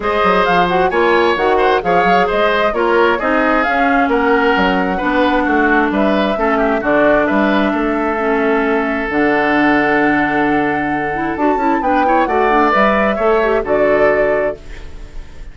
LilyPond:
<<
  \new Staff \with { instrumentName = "flute" } { \time 4/4 \tempo 4 = 132 dis''4 f''8 fis''8 gis''4 fis''4 | f''4 dis''4 cis''4 dis''4 | f''4 fis''2.~ | fis''4 e''2 d''4 |
e''1 | fis''1~ | fis''4 a''4 g''4 fis''4 | e''2 d''2 | }
  \new Staff \with { instrumentName = "oboe" } { \time 4/4 c''2 cis''4. c''8 | cis''4 c''4 ais'4 gis'4~ | gis'4 ais'2 b'4 | fis'4 b'4 a'8 g'8 fis'4 |
b'4 a'2.~ | a'1~ | a'2 b'8 cis''8 d''4~ | d''4 cis''4 a'2 | }
  \new Staff \with { instrumentName = "clarinet" } { \time 4/4 gis'4. fis'8 f'4 fis'4 | gis'2 f'4 dis'4 | cis'2. d'4~ | d'2 cis'4 d'4~ |
d'2 cis'2 | d'1~ | d'8 e'8 fis'8 e'8 d'8 e'8 fis'8 d'8 | b'4 a'8 g'8 fis'2 | }
  \new Staff \with { instrumentName = "bassoon" } { \time 4/4 gis8 fis8 f4 ais4 dis4 | f8 fis8 gis4 ais4 c'4 | cis'4 ais4 fis4 b4 | a4 g4 a4 d4 |
g4 a2. | d1~ | d4 d'8 cis'8 b4 a4 | g4 a4 d2 | }
>>